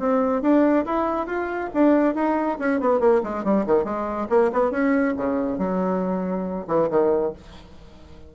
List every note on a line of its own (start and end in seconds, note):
0.00 0.43 C4
0.43 0.86 D4
0.86 1.27 E4
1.27 1.70 F4
1.74 2.15 D4
2.15 2.58 D#4
2.60 2.81 C#4
2.81 3.00 B3
3.00 3.22 A#3
3.24 3.45 G#3
3.45 3.67 G3
3.67 3.85 D#3
3.85 4.28 G#3
4.30 4.51 A#3
4.53 4.71 B3
4.71 5.15 C#4
5.17 5.59 C#3
5.59 6.67 F#3
6.68 6.89 E3
6.90 7.33 D#3